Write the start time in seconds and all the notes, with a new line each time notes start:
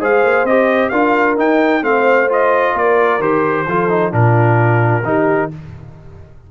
0.00 G#3 G#4 C5 F5
0.22 A#3
0.44 C4 G4 D#5
0.89 D4 F4 A#4 F5
1.37 D#4 G5
1.82 A3 C4 C5 F5
2.29 F4 D#5
2.74 A#3 A#4 D5
3.19 D#3 G4 C5
3.66 F3 F4 A4
3.89 D#4
4.11 A#2 D4 F4 A#4
5.03 D#3 D#4 G4